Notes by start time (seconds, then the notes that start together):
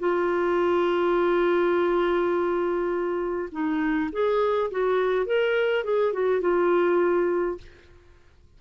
0.00 F4
3.52 D#4
4.13 G#4
4.72 F#4
5.26 A#4
5.85 G#4
6.13 F#4
6.42 F4